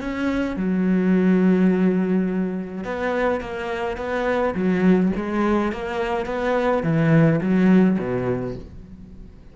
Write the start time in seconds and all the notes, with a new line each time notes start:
0.00 C#4
0.56 F#3
2.84 B3
3.41 A#3
3.97 B3
4.55 F#3
5.16 G#3
5.72 A#3
6.26 B3
6.83 E3
7.41 F#3
7.99 B2